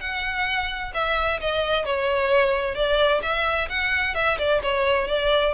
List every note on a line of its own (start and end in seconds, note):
0.00 0.92 F#5
0.94 1.40 E5
1.41 1.85 D#5
1.85 2.75 C#5
2.75 3.21 D5
3.22 3.68 E5
3.69 4.15 F#5
4.15 4.38 E5
4.38 4.61 D5
4.63 5.08 C#5
5.08 5.54 D5